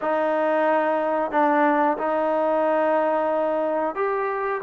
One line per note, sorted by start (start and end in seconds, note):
0.01 1.31 D#4
1.31 1.97 D4
1.98 3.95 D#4
3.95 4.61 G4